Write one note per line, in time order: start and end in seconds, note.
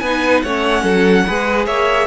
0.00 0.43 B3
0.00 0.46 D#4
0.00 0.44 B4
0.00 0.41 G#5
0.42 0.84 A3
0.42 1.27 C#4
0.42 0.83 C#5
0.42 1.65 F#5
0.83 1.25 F#3
0.83 1.24 A4
1.27 1.67 G#3
1.27 2.07 G#4
1.27 1.66 B4
1.66 2.07 A#3
1.66 2.07 C#5
1.66 2.07 E5